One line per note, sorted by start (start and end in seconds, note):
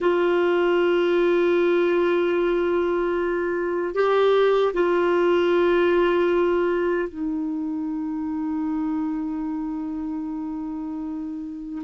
0.00 3.94 F4
3.94 4.73 G4
4.73 7.08 F4
7.08 11.82 D#4